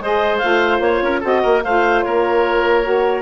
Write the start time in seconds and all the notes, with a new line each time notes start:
0.00 G#3 G#4 C5 D#5
0.38 A3 F4 F5
0.80 A#3 C#5
1.02 C#4 A#4
1.20 C4 F#4 A4 D#5
1.42 A#3 A#4
1.63 A3 F4 C5 F5
2.02 A#3 A#4 C#5
2.83 F#4